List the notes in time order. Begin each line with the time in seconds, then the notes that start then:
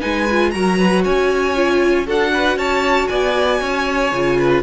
0.00 G#3 D#4 B4 G#5
0.31 F4
0.51 F#3 F#4 A#4 A#5
0.79 B4
1.04 C#4 C#5 G#5
1.56 F4
2.06 D4 F#4 A4 F#5
2.33 B4
2.56 C#4 C#5 A5
3.07 B3 D5 G#5
3.61 C#4 C#5
4.12 C#3 F4
4.38 B4